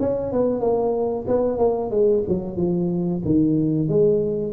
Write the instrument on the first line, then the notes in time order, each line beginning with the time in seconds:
tuba
0.00 C#4
0.33 B3
0.60 A#3
1.28 B3
1.59 A#3
1.91 G#3
2.29 F#3
2.57 F3
3.25 D#3
3.89 G#3